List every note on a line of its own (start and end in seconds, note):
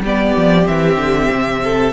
0.00 0.32 G3
0.00 0.64 B3
0.00 1.62 G4
0.00 0.67 D5
0.37 0.68 F3
0.64 0.96 E3
0.64 1.92 C4
0.64 1.93 E5
0.96 1.28 D3
1.31 1.93 C3
1.64 1.93 A4